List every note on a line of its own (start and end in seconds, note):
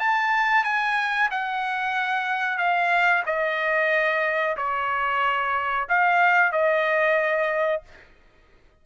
0.00 0.64 A5
0.64 1.30 G#5
1.31 2.58 F#5
2.58 3.23 F5
3.26 4.57 D#5
4.57 5.88 C#5
5.89 6.52 F5
6.52 7.82 D#5